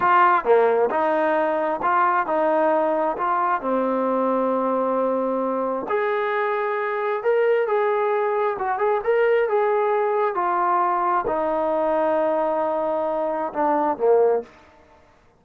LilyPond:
\new Staff \with { instrumentName = "trombone" } { \time 4/4 \tempo 4 = 133 f'4 ais4 dis'2 | f'4 dis'2 f'4 | c'1~ | c'4 gis'2. |
ais'4 gis'2 fis'8 gis'8 | ais'4 gis'2 f'4~ | f'4 dis'2.~ | dis'2 d'4 ais4 | }